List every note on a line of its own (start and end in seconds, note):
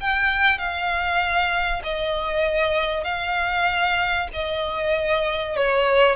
0.00 0.58 G5
0.58 1.82 F5
1.83 3.04 D#5
3.04 4.28 F5
4.33 5.56 D#5
5.56 6.15 C#5